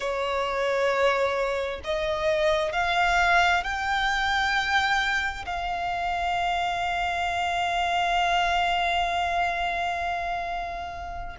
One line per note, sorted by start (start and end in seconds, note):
0.00 1.80 C#5
1.83 2.72 D#5
2.72 3.63 F5
3.63 5.45 G5
5.45 11.36 F5